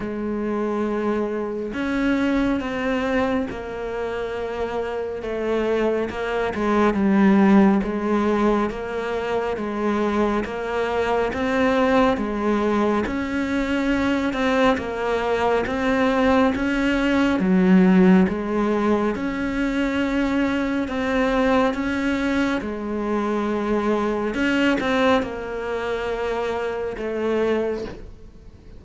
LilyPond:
\new Staff \with { instrumentName = "cello" } { \time 4/4 \tempo 4 = 69 gis2 cis'4 c'4 | ais2 a4 ais8 gis8 | g4 gis4 ais4 gis4 | ais4 c'4 gis4 cis'4~ |
cis'8 c'8 ais4 c'4 cis'4 | fis4 gis4 cis'2 | c'4 cis'4 gis2 | cis'8 c'8 ais2 a4 | }